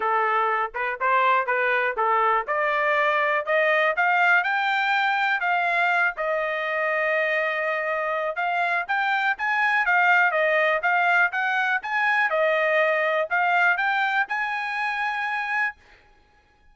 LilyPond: \new Staff \with { instrumentName = "trumpet" } { \time 4/4 \tempo 4 = 122 a'4. b'8 c''4 b'4 | a'4 d''2 dis''4 | f''4 g''2 f''4~ | f''8 dis''2.~ dis''8~ |
dis''4 f''4 g''4 gis''4 | f''4 dis''4 f''4 fis''4 | gis''4 dis''2 f''4 | g''4 gis''2. | }